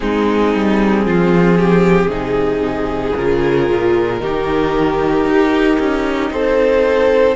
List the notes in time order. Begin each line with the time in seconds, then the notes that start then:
0.00 G#3 C4 D#4 G#4
0.54 G3
1.05 F3 F4
1.58 G4
2.06 C3 D#4 G#4
3.16 C#3 F4 A#4
3.69 A#2
4.19 D#3 D#4 G4
5.25 D#4
5.79 C#4
6.30 C4 A4 C5